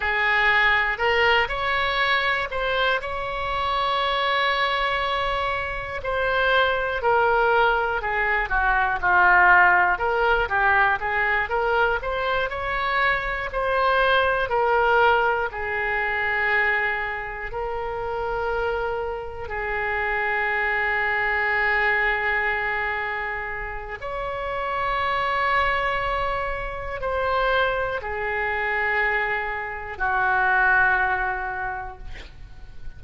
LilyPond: \new Staff \with { instrumentName = "oboe" } { \time 4/4 \tempo 4 = 60 gis'4 ais'8 cis''4 c''8 cis''4~ | cis''2 c''4 ais'4 | gis'8 fis'8 f'4 ais'8 g'8 gis'8 ais'8 | c''8 cis''4 c''4 ais'4 gis'8~ |
gis'4. ais'2 gis'8~ | gis'1 | cis''2. c''4 | gis'2 fis'2 | }